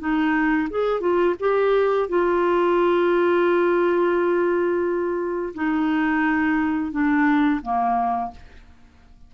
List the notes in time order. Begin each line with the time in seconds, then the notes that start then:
0.00 D#4
0.71 G#4
1.01 F4
1.40 G4
2.09 F4
5.55 D#4
6.92 D4
7.62 A#3